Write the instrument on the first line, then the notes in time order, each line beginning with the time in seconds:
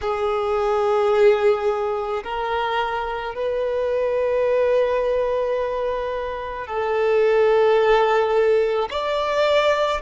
violin
0.01 G#4
2.23 A#4
3.34 B4
6.66 A4
8.90 D5